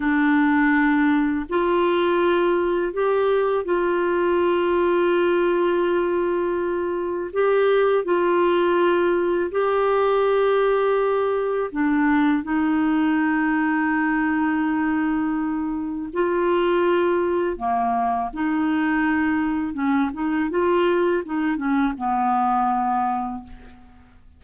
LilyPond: \new Staff \with { instrumentName = "clarinet" } { \time 4/4 \tempo 4 = 82 d'2 f'2 | g'4 f'2.~ | f'2 g'4 f'4~ | f'4 g'2. |
d'4 dis'2.~ | dis'2 f'2 | ais4 dis'2 cis'8 dis'8 | f'4 dis'8 cis'8 b2 | }